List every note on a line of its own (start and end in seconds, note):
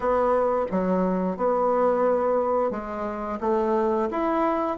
0.00 0.66 B3
0.71 1.36 F#3
1.36 2.70 B3
2.70 3.38 G#3
3.40 4.08 A3
4.10 4.77 E4